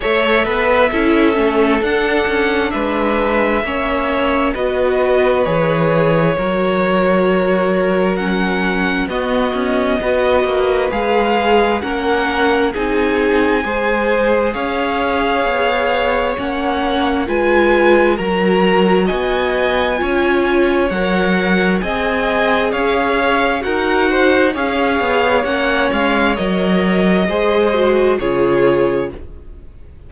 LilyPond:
<<
  \new Staff \with { instrumentName = "violin" } { \time 4/4 \tempo 4 = 66 e''2 fis''4 e''4~ | e''4 dis''4 cis''2~ | cis''4 fis''4 dis''2 | f''4 fis''4 gis''2 |
f''2 fis''4 gis''4 | ais''4 gis''2 fis''4 | gis''4 f''4 fis''4 f''4 | fis''8 f''8 dis''2 cis''4 | }
  \new Staff \with { instrumentName = "violin" } { \time 4/4 cis''8 b'8 a'2 b'4 | cis''4 b'2 ais'4~ | ais'2 fis'4 b'4~ | b'4 ais'4 gis'4 c''4 |
cis''2. b'4 | ais'4 dis''4 cis''2 | dis''4 cis''4 ais'8 c''8 cis''4~ | cis''2 c''4 gis'4 | }
  \new Staff \with { instrumentName = "viola" } { \time 4/4 a'4 e'8 cis'8 d'2 | cis'4 fis'4 gis'4 fis'4~ | fis'4 cis'4 b4 fis'4 | gis'4 cis'4 dis'4 gis'4~ |
gis'2 cis'4 f'4 | fis'2 f'4 ais'4 | gis'2 fis'4 gis'4 | cis'4 ais'4 gis'8 fis'8 f'4 | }
  \new Staff \with { instrumentName = "cello" } { \time 4/4 a8 b8 cis'8 a8 d'8 cis'8 gis4 | ais4 b4 e4 fis4~ | fis2 b8 cis'8 b8 ais8 | gis4 ais4 c'4 gis4 |
cis'4 b4 ais4 gis4 | fis4 b4 cis'4 fis4 | c'4 cis'4 dis'4 cis'8 b8 | ais8 gis8 fis4 gis4 cis4 | }
>>